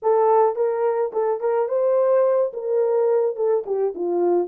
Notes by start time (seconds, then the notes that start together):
0.02 A4
0.55 A#4
1.12 A4
1.40 A#4
1.68 C5
2.53 A#4
3.36 A4
3.66 G4
3.94 F4